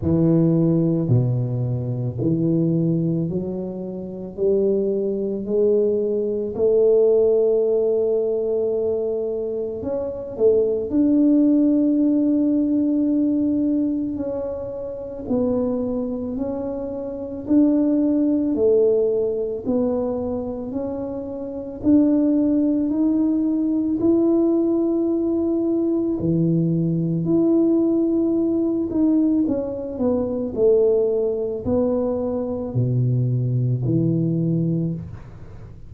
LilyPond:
\new Staff \with { instrumentName = "tuba" } { \time 4/4 \tempo 4 = 55 e4 b,4 e4 fis4 | g4 gis4 a2~ | a4 cis'8 a8 d'2~ | d'4 cis'4 b4 cis'4 |
d'4 a4 b4 cis'4 | d'4 dis'4 e'2 | e4 e'4. dis'8 cis'8 b8 | a4 b4 b,4 e4 | }